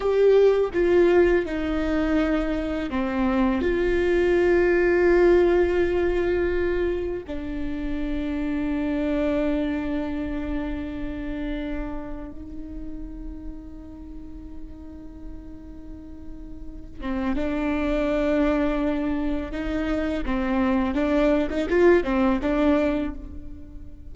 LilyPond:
\new Staff \with { instrumentName = "viola" } { \time 4/4 \tempo 4 = 83 g'4 f'4 dis'2 | c'4 f'2.~ | f'2 d'2~ | d'1~ |
d'4 dis'2.~ | dis'2.~ dis'8 c'8 | d'2. dis'4 | c'4 d'8. dis'16 f'8 c'8 d'4 | }